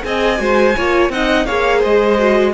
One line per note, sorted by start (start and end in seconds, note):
0.00 0.39 C4
0.00 0.36 G#4
0.00 0.40 D#5
0.00 1.11 G#5
0.37 0.75 G#3
0.37 0.73 F#4
0.37 0.76 C5
0.76 1.09 A#3
0.76 1.12 F4
0.76 1.12 C#5
1.09 1.44 C4
1.09 1.47 D#4
1.09 1.46 D#5
1.09 1.45 F#5
1.45 1.84 A#3
1.45 2.18 G#4
1.45 1.79 C#5
1.45 1.81 F5
1.79 2.53 G#3
1.79 2.50 C5
1.79 2.53 D#5
2.18 2.53 F#4